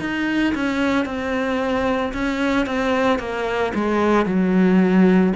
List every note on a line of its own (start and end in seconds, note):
0.00 0.54 D#4
0.55 1.06 C#4
1.06 2.13 C4
2.13 2.66 C#4
2.66 3.19 C4
3.19 3.73 A#3
3.75 4.26 G#3
4.26 5.33 F#3